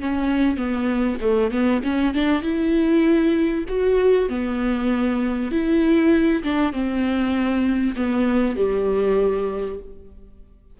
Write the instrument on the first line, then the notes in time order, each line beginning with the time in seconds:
viola
0.00 C#4
0.57 B3
1.21 A3
1.51 B3
1.83 C#4
2.14 D4
2.42 E4
3.68 F#4
4.29 B3
5.51 E4
6.43 D4
6.72 C4
7.96 B3
8.56 G3